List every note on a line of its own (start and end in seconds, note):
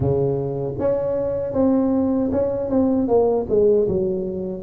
0.00 0.74 C#3
0.79 1.53 C#4
1.53 2.30 C4
2.31 2.69 C#4
2.69 3.08 C4
3.08 3.46 A#3
3.49 3.87 G#3
3.87 4.62 F#3